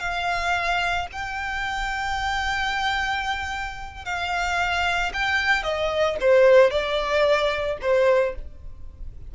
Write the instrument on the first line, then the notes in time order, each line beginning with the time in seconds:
violin
0.00 F5
1.12 G5
4.05 F5
5.14 G5
5.63 D#5
6.21 C5
6.71 D5
7.82 C5